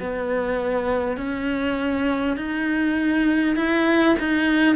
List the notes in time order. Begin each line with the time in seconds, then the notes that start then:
0.00 B3
1.17 C#4
2.36 D#4
3.56 E4
4.19 D#4